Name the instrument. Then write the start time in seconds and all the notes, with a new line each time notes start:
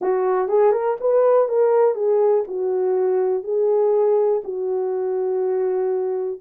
horn
0.01 F#4
0.48 G#4
0.72 A#4
1.00 B4
1.48 A#4
1.94 G#4
2.47 F#4
3.43 G#4
4.44 F#4